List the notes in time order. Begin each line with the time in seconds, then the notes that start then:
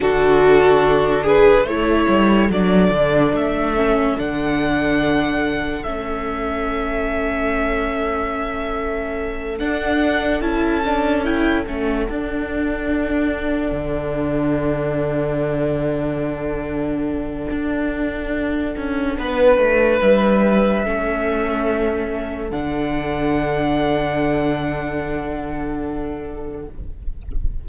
0.00 D3 D4 F#4 A4
1.22 G#4 B4
1.63 A3 E4 A4 C#5
2.08 G3
2.49 F#3 D4 D5
2.90 D3
3.33 A3 E5
3.76 C#4
4.17 D3 D4 F#5
5.83 A3 C#4 E5
9.59 D4 F#5
10.40 C#4 E4 A5
10.85 D4
11.24 E4 G5
11.64 A3 C#4 F#5
12.09 D4
13.71 D3
17.50 D4
18.76 C#4
19.18 B3 B4
19.57 A3
20.01 G3 E5
20.84 A3 C#4 A4
22.50 D3 D4 F#5